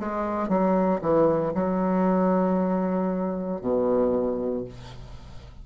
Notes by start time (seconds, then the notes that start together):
0.00 G#3
0.49 F#3
1.02 E3
1.54 F#3
3.62 B2